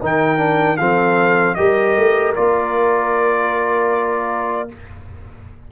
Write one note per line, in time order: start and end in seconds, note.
0.00 0.79 D#3
0.00 0.37 D#4
0.00 0.78 A#4
0.00 0.77 G5
0.37 0.76 D4
0.77 1.57 F3
0.77 1.57 C4
0.77 1.56 A4
0.77 1.55 F5
1.55 1.97 G3
1.55 2.35 G4
1.55 4.69 A#4
1.55 2.32 D#5
1.97 2.36 A3
2.35 4.71 A#3
2.35 4.69 F4
2.35 4.69 D5